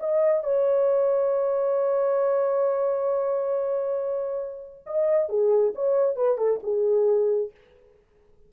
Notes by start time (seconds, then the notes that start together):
0.00 D#5
0.43 C#5
4.86 D#5
5.29 G#4
5.75 C#5
6.16 B4
6.38 A4
6.63 G#4